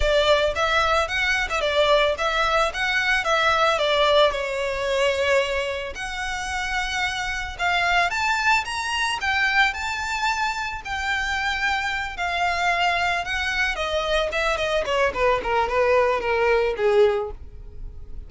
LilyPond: \new Staff \with { instrumentName = "violin" } { \time 4/4 \tempo 4 = 111 d''4 e''4 fis''8. e''16 d''4 | e''4 fis''4 e''4 d''4 | cis''2. fis''4~ | fis''2 f''4 a''4 |
ais''4 g''4 a''2 | g''2~ g''8 f''4.~ | f''8 fis''4 dis''4 e''8 dis''8 cis''8 | b'8 ais'8 b'4 ais'4 gis'4 | }